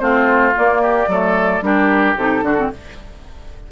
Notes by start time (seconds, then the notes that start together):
0.00 A3 C4 F4 C5
0.56 A#3 D5
0.82 G4
1.08 F#3 A3 A4
1.62 G3 D4 G4 A#4
2.17 C3 D#4 A4
2.43 D3 D4 F#4
2.58 C4